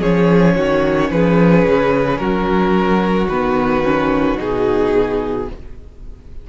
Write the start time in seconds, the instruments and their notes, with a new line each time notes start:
0.00 cello F3, viola C#4, violin G#4 C#5
0.55 cello D#3, violin F#4
1.10 cello F3, violin G#4 B4
1.65 cello C#3
2.18 cello F#3, violin F#4 A#4
3.27 cello D#3, viola B3, violin B4
3.84 viola C#4
4.37 cello B2, viola D#4, violin G#4